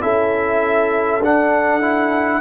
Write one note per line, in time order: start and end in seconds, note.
0.00 1.20 C#4
0.00 1.20 E4
0.00 2.41 A4
0.00 1.22 E5
1.20 2.40 D4
1.20 1.80 D4
1.20 2.41 F#5
1.80 2.40 E4